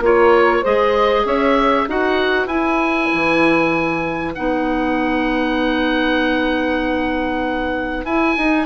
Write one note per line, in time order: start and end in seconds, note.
0.00 0.62 A#3
0.00 0.63 F4
0.00 0.61 A#4
0.00 0.65 C#5
0.61 1.25 G#3
0.61 1.87 G#4
0.61 1.23 C5
0.61 1.27 D#5
1.25 1.86 C#4
1.25 1.86 C#5
1.25 1.89 E5
1.86 2.46 D#4
1.86 2.48 F#4
1.86 8.65 B4
1.86 2.47 F#5
2.46 3.08 E4
2.46 4.34 E4
2.46 4.33 G#5
3.14 4.37 E3
4.35 8.04 B3
4.35 8.07 D#4
4.35 8.05 F#5
8.04 8.35 E4
8.04 8.38 E4
8.04 8.65 G#5
8.37 8.65 D#4